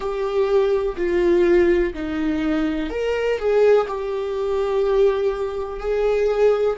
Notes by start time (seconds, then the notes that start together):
0.00 G4
0.96 F4
1.94 D#4
2.90 A#4
3.38 G#4
3.87 G4
5.79 G#4